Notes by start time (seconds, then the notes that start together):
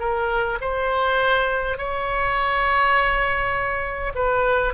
0.00 A#4
0.61 C5
1.78 C#5
4.15 B4